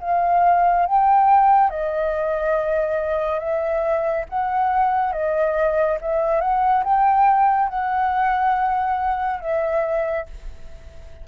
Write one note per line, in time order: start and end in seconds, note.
0.00 0.86 F5
0.86 1.70 G5
1.70 3.39 D#5
3.39 4.25 E5
4.29 5.12 F#5
5.12 5.98 D#5
6.00 6.41 E5
6.41 6.83 F#5
6.84 7.69 G5
7.69 9.40 F#5
9.40 10.26 E5